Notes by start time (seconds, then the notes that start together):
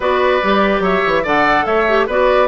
0.00 B3 F#4 B4 D5
0.43 G3 G4
0.80 F#3 C#5 E5
1.06 E3
1.23 D3 A4 D5 F#5
1.65 A3 C#5 E5
1.87 G4
2.06 B3 F#4 B4 D5